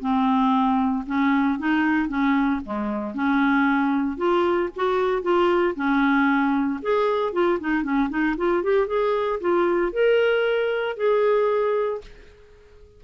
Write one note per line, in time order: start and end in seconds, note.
0.00 1.04 C4
1.06 1.58 C#4
1.58 2.08 D#4
2.08 2.60 C#4
2.65 3.14 G#3
3.14 4.17 C#4
4.17 4.69 F4
4.75 5.22 F#4
5.22 5.74 F4
5.76 6.80 C#4
6.82 7.32 G#4
7.32 7.58 F4
7.60 7.83 D#4
7.83 8.09 C#4
8.09 8.35 D#4
8.37 8.63 F4
8.63 8.87 G4
8.87 9.39 G#4
9.40 9.92 F4
9.92 10.96 A#4
10.97 12.01 G#4